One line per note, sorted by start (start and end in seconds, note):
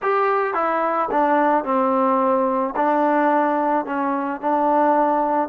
0.02 0.54 G4
0.54 1.09 E4
1.11 1.64 D4
1.64 2.74 C4
2.76 3.85 D4
3.85 4.40 C#4
4.40 5.48 D4